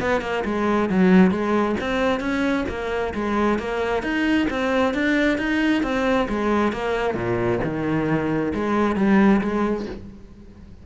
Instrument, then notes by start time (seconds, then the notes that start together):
cello
0.00 B3
0.21 A#3
0.44 G#3
0.89 F#3
1.30 G#3
1.80 C4
2.20 C#4
2.68 A#3
3.14 G#3
3.59 A#3
4.03 D#4
4.50 C4
4.94 D4
5.38 D#4
5.82 C4
6.28 G#3
6.72 A#3
7.14 A#2
7.63 D#3
8.54 G#3
8.96 G3
9.41 G#3